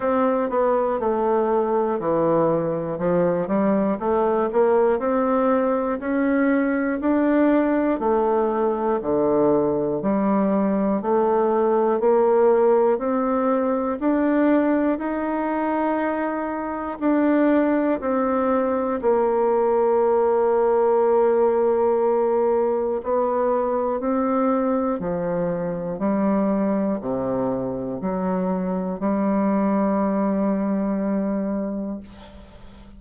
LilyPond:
\new Staff \with { instrumentName = "bassoon" } { \time 4/4 \tempo 4 = 60 c'8 b8 a4 e4 f8 g8 | a8 ais8 c'4 cis'4 d'4 | a4 d4 g4 a4 | ais4 c'4 d'4 dis'4~ |
dis'4 d'4 c'4 ais4~ | ais2. b4 | c'4 f4 g4 c4 | fis4 g2. | }